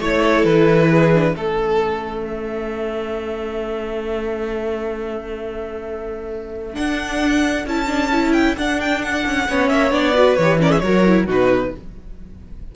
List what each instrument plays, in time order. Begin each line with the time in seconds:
0.00 cello A3, viola E4, violin C#5
0.22 violin A4
0.44 cello E3, violin B4
0.90 violin G#4
1.14 viola D4
1.34 cello A3, viola C#4, violin A4
2.25 violin E5
6.74 viola D4, cello D4, violin F#5
7.66 cello C#4, viola E4, violin A5
7.87 viola D4
8.12 viola E4
8.32 violin G5
8.57 viola D4, cello D4, violin F#5
8.80 violin G5
9.02 violin F#5
9.26 cello C#4
9.48 cello B3, viola C#4, violin C#5
9.68 cello A#3, violin E5
9.91 cello B3, viola D4, violin D5
10.13 viola F#4, violin B4
10.35 cello E3, viola G4, violin C#5
10.59 viola C#4, violin A#4 D5
10.70 violin G#4 E5
10.79 cello F#3, viola F#4, violin A#4 C#5
11.05 viola E4
11.26 cello B2, viola D#4, violin F#4 B4